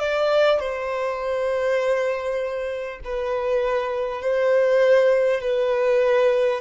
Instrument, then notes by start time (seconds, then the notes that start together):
violin
0.00 D5
0.60 C5
3.04 B4
4.22 C5
5.41 B4